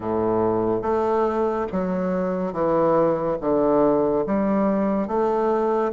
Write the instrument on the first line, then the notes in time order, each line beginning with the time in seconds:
bassoon
0.00 A2
0.81 A3
1.72 F#3
2.52 E3
3.40 D3
4.26 G3
5.07 A3